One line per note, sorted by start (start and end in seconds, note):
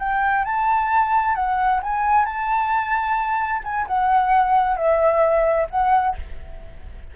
0.00 0.45 G5
0.45 1.36 A5
1.36 1.81 F#5
1.83 2.26 G#5
2.26 3.62 A5
3.64 3.87 G#5
3.87 4.77 F#5
4.77 5.68 E5
5.71 6.16 F#5